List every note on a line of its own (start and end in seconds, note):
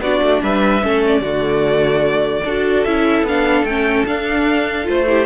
0.00 0.20 B3
0.00 0.82 D4
0.00 0.43 F#4
0.00 0.42 D5
0.22 0.42 A3
0.42 0.83 G3
0.42 0.83 B4
0.42 1.03 E5
0.82 1.20 A3
0.82 1.22 C#4
0.82 1.21 A4
1.07 2.84 D5
1.20 2.42 D3
1.20 2.44 A3
1.20 2.43 F#4
2.45 2.85 D4
2.45 2.87 F#4
2.45 5.07 A4
2.84 3.22 C#4
2.84 3.27 E4
2.84 3.24 E5
3.22 3.63 B3
3.22 3.68 D4
3.22 3.65 F5
3.63 4.04 A3
3.63 4.06 C#4
3.63 4.05 G5
4.06 4.87 D4
4.06 4.84 D4
4.06 4.88 F5
4.84 5.26 A3
4.84 5.04 F4
4.84 5.26 C5
5.07 5.26 E4
5.07 5.26 G4